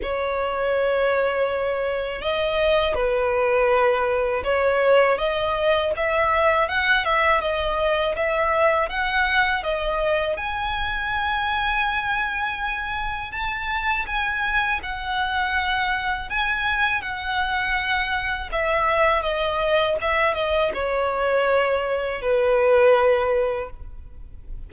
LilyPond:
\new Staff \with { instrumentName = "violin" } { \time 4/4 \tempo 4 = 81 cis''2. dis''4 | b'2 cis''4 dis''4 | e''4 fis''8 e''8 dis''4 e''4 | fis''4 dis''4 gis''2~ |
gis''2 a''4 gis''4 | fis''2 gis''4 fis''4~ | fis''4 e''4 dis''4 e''8 dis''8 | cis''2 b'2 | }